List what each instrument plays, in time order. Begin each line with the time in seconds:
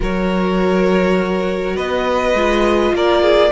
0.00 cello F#3, viola F#4, violin A#4 C#5
1.76 cello B3, violin B4 D#5
2.34 cello G#3, viola F4
2.93 cello A#3, violin A#4 D5
3.22 violin G#4